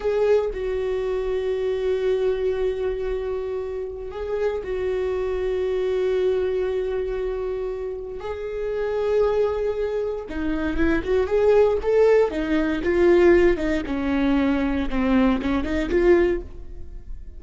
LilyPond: \new Staff \with { instrumentName = "viola" } { \time 4/4 \tempo 4 = 117 gis'4 fis'2.~ | fis'1 | gis'4 fis'2.~ | fis'1 |
gis'1 | dis'4 e'8 fis'8 gis'4 a'4 | dis'4 f'4. dis'8 cis'4~ | cis'4 c'4 cis'8 dis'8 f'4 | }